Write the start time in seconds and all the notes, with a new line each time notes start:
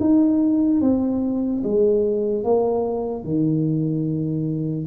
0.00 D#4
0.81 C4
1.64 G#3
2.44 A#3
3.24 D#3